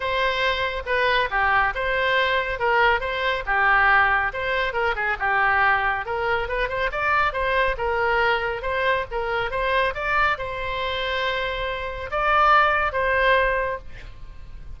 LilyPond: \new Staff \with { instrumentName = "oboe" } { \time 4/4 \tempo 4 = 139 c''2 b'4 g'4 | c''2 ais'4 c''4 | g'2 c''4 ais'8 gis'8 | g'2 ais'4 b'8 c''8 |
d''4 c''4 ais'2 | c''4 ais'4 c''4 d''4 | c''1 | d''2 c''2 | }